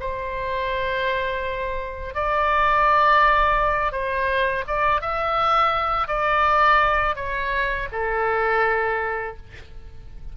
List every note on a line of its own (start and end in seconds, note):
0.00 2.15 C5
2.15 3.92 D5
3.92 4.65 C5
4.67 5.01 D5
5.01 6.08 E5
6.08 7.16 D5
7.16 7.88 C#5
7.92 9.37 A4